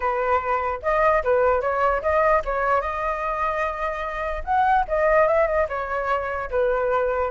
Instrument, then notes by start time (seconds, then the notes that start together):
flute
0.00 B4
0.82 D#5
1.23 B4
1.61 C#5
2.02 D#5
2.45 C#5
2.81 D#5
4.44 F#5
4.88 D#5
5.27 E5
5.47 D#5
5.69 C#5
6.50 B4